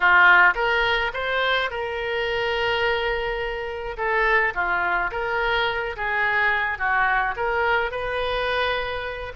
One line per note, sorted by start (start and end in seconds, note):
0.00 0.54 F4
0.55 1.11 A#4
1.13 1.70 C5
1.70 3.96 A#4
3.97 4.53 A4
4.54 5.10 F4
5.11 5.96 A#4
5.96 6.78 G#4
6.78 7.35 F#4
7.36 7.91 A#4
7.91 9.32 B4